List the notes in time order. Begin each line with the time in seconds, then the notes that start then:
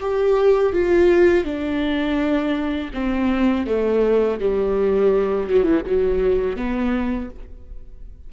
0.00 G4
0.73 F4
1.44 D4
2.93 C4
3.66 A3
4.40 G3
5.49 F#3
5.63 E3
5.86 F#3
6.56 B3